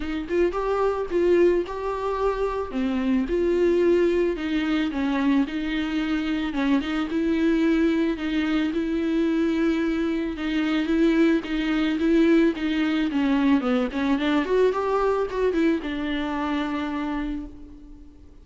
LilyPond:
\new Staff \with { instrumentName = "viola" } { \time 4/4 \tempo 4 = 110 dis'8 f'8 g'4 f'4 g'4~ | g'4 c'4 f'2 | dis'4 cis'4 dis'2 | cis'8 dis'8 e'2 dis'4 |
e'2. dis'4 | e'4 dis'4 e'4 dis'4 | cis'4 b8 cis'8 d'8 fis'8 g'4 | fis'8 e'8 d'2. | }